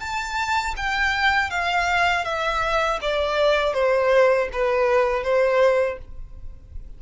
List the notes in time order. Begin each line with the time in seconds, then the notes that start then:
0.00 A5
0.77 G5
1.51 F5
2.25 E5
3.02 D5
3.74 C5
4.53 B4
5.24 C5